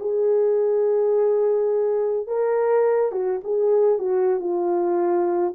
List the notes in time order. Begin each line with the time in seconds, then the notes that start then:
0.00 G#4
2.27 A#4
3.12 F#4
3.44 G#4
3.99 F#4
4.40 F4